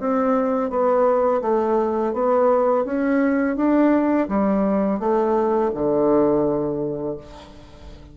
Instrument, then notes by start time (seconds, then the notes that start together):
bassoon
0.00 C4
0.70 B3
1.42 A3
2.14 B3
2.85 C#4
3.57 D4
4.29 G3
5.00 A3
5.75 D3